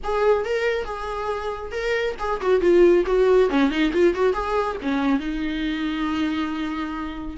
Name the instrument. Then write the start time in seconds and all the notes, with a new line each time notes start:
viola
0.03 G#4
0.45 A#4
0.84 G#4
1.71 A#4
2.19 G#4
2.41 F#4
2.60 F4
3.06 F#4
3.49 C#4
3.70 D#4
3.92 F4
4.14 F#4
4.33 G#4
4.82 C#4
5.19 D#4